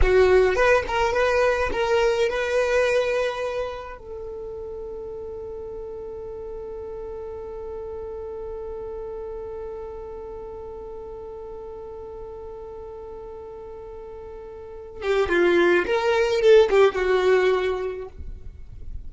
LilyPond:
\new Staff \with { instrumentName = "violin" } { \time 4/4 \tempo 4 = 106 fis'4 b'8 ais'8 b'4 ais'4 | b'2. a'4~ | a'1~ | a'1~ |
a'1~ | a'1~ | a'2~ a'8 g'8 f'4 | ais'4 a'8 g'8 fis'2 | }